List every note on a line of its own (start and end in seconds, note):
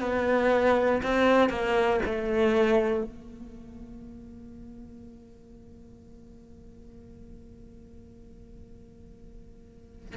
0.00 1.02 B3
1.03 1.49 C4
1.49 2.00 A#3
2.05 3.03 A3
3.03 10.15 A#3